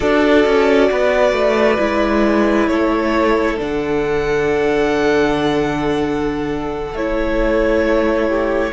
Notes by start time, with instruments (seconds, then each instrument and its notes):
0.00 cello D4, viola F#4, violin A4 D5
0.45 cello C#4
0.91 cello B3, violin B4
1.32 cello A3
1.79 cello G#3, viola E4
2.67 cello A3, violin A4 C#5
3.57 cello D3, viola D4, violin F#5
6.92 cello A3, viola E4, violin C#5
8.28 violin G4